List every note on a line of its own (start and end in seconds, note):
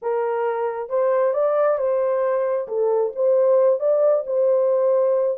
0.02 0.89 A#4
0.89 1.33 C5
1.33 1.78 D5
1.78 2.67 C5
2.68 3.12 A4
3.15 3.79 C5
3.79 4.24 D5
4.26 5.38 C5